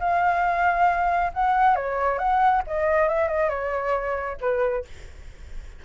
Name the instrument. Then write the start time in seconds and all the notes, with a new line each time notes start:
flute
0.00 F5
1.34 F#5
1.76 C#5
2.19 F#5
2.67 D#5
3.09 E5
3.28 D#5
3.50 C#5
4.41 B4